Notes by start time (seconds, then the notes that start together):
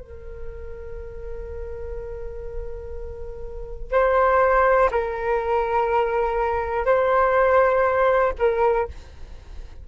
0.00 A#4
3.92 C5
4.91 A#4
6.86 C5
8.39 A#4